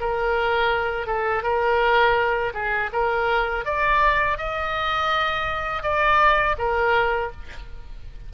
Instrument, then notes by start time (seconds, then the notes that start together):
oboe
0.00 A#4
1.06 A4
1.43 A#4
2.53 G#4
2.93 A#4
3.65 D5
4.38 D#5
5.82 D5
6.58 A#4